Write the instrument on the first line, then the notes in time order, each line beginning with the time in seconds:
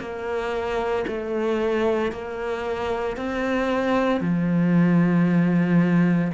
cello
0.00 A#3
1.08 A3
2.12 A#3
3.17 C4
4.21 F3